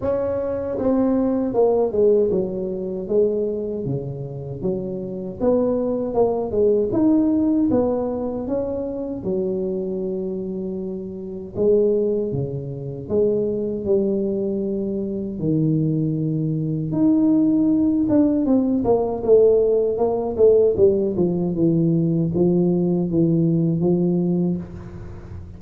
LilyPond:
\new Staff \with { instrumentName = "tuba" } { \time 4/4 \tempo 4 = 78 cis'4 c'4 ais8 gis8 fis4 | gis4 cis4 fis4 b4 | ais8 gis8 dis'4 b4 cis'4 | fis2. gis4 |
cis4 gis4 g2 | dis2 dis'4. d'8 | c'8 ais8 a4 ais8 a8 g8 f8 | e4 f4 e4 f4 | }